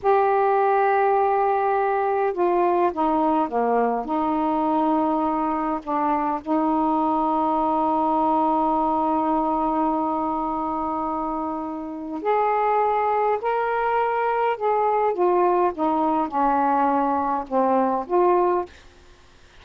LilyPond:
\new Staff \with { instrumentName = "saxophone" } { \time 4/4 \tempo 4 = 103 g'1 | f'4 dis'4 ais4 dis'4~ | dis'2 d'4 dis'4~ | dis'1~ |
dis'1~ | dis'4 gis'2 ais'4~ | ais'4 gis'4 f'4 dis'4 | cis'2 c'4 f'4 | }